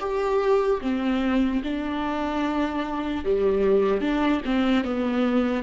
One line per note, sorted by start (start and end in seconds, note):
0.00 0.81 G4
0.81 1.63 C4
1.64 3.25 D4
3.25 4.01 G3
4.01 4.42 D4
4.45 4.85 C4
4.85 5.63 B3